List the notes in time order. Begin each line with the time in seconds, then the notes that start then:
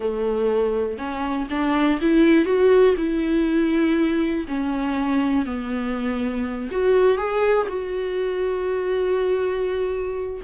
0.00 A3
0.98 C#4
1.50 D4
2.01 E4
2.45 F#4
2.97 E4
4.48 C#4
5.45 B3
6.71 F#4
7.17 G#4
7.68 F#4